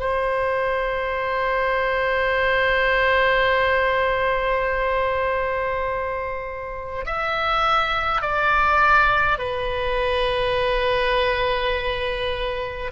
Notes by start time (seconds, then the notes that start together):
0.00 C5
7.06 E5
8.22 D5
9.39 B4